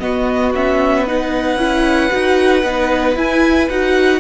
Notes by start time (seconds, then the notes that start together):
0.00 B3 F#4 D#5
0.55 C#4 E5
1.03 D#4 B4 F#5
1.56 C#4 E4
2.10 D#4 F#4
2.63 B3 D#4
3.16 E4 G#5
3.69 D#4 F#4 F#5